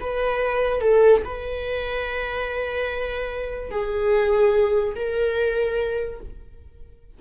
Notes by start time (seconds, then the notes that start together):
0.00 B4
0.81 A4
1.24 B4
3.71 G#4
4.95 A#4